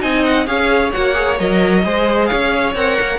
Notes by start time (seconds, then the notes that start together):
0.00 C4 D#4 D#5 G#5
0.25 F#5
0.46 C#4 G#4 C#5 F5
0.93 A#3 F#4 F#5
1.14 G#4
1.39 F#3 A#4 D#5
1.83 G#3 G#4 C5
2.27 C#4 C#5 F5
2.75 C4 A#4 F#5
3.01 A#3